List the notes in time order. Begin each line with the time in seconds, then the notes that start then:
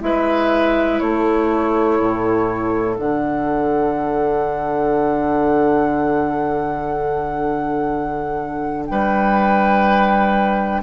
0.00 G#3 E4 B4 E5
0.99 A3 A4 C#5
1.99 A2
2.94 D3 D4 F#5
8.86 G3 B4 G5